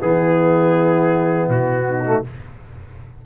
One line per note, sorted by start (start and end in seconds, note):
0.00 1.49 E3
0.00 2.04 B3
0.00 1.85 E4
0.00 1.49 G#4
1.49 2.23 B2
1.49 2.24 F#4
1.88 2.25 D#4
2.05 2.24 A3